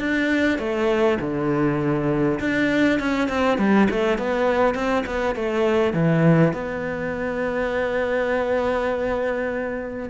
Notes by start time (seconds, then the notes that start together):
0.00 D4
0.59 A3
1.21 D3
2.40 D4
2.99 C#4
3.29 C4
3.58 G3
3.90 A3
4.19 B3
4.75 C4
5.06 B3
5.35 A3
5.94 E3
6.53 B3